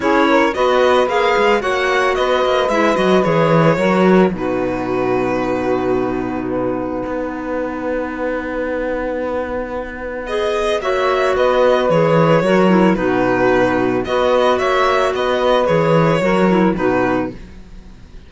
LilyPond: <<
  \new Staff \with { instrumentName = "violin" } { \time 4/4 \tempo 4 = 111 cis''4 dis''4 f''4 fis''4 | dis''4 e''8 dis''8 cis''2 | b'1 | fis''1~ |
fis''2. dis''4 | e''4 dis''4 cis''2 | b'2 dis''4 e''4 | dis''4 cis''2 b'4 | }
  \new Staff \with { instrumentName = "saxophone" } { \time 4/4 gis'8 ais'8 b'2 cis''4 | b'2. ais'4 | fis'1 | b'1~ |
b'1 | cis''4 b'2 ais'4 | fis'2 b'4 cis''4 | b'2 ais'4 fis'4 | }
  \new Staff \with { instrumentName = "clarinet" } { \time 4/4 e'4 fis'4 gis'4 fis'4~ | fis'4 e'8 fis'8 gis'4 fis'4 | dis'1~ | dis'1~ |
dis'2. gis'4 | fis'2 gis'4 fis'8 e'8 | dis'2 fis'2~ | fis'4 gis'4 fis'8 e'8 dis'4 | }
  \new Staff \with { instrumentName = "cello" } { \time 4/4 cis'4 b4 ais8 gis8 ais4 | b8 ais8 gis8 fis8 e4 fis4 | b,1~ | b,4 b2.~ |
b1 | ais4 b4 e4 fis4 | b,2 b4 ais4 | b4 e4 fis4 b,4 | }
>>